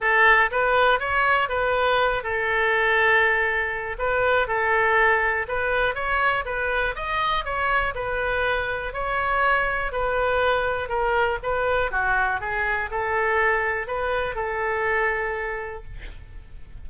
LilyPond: \new Staff \with { instrumentName = "oboe" } { \time 4/4 \tempo 4 = 121 a'4 b'4 cis''4 b'4~ | b'8 a'2.~ a'8 | b'4 a'2 b'4 | cis''4 b'4 dis''4 cis''4 |
b'2 cis''2 | b'2 ais'4 b'4 | fis'4 gis'4 a'2 | b'4 a'2. | }